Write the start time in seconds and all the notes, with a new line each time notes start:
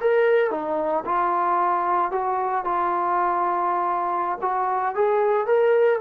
0.00 A#4
0.50 D#4
1.05 F4
2.11 F#4
2.64 F4
4.41 F#4
4.95 G#4
5.46 A#4